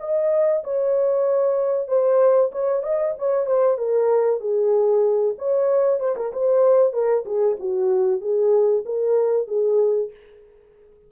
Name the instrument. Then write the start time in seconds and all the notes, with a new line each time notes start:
horn
0.00 D#5
0.64 C#5
1.88 C5
2.52 C#5
2.83 D#5
3.18 C#5
3.46 C5
3.78 A#4
4.40 G#4
5.38 C#5
6.00 C5
6.16 A#4
6.32 C5
6.93 A#4
7.25 G#4
7.60 F#4
8.21 G#4
8.86 A#4
9.48 G#4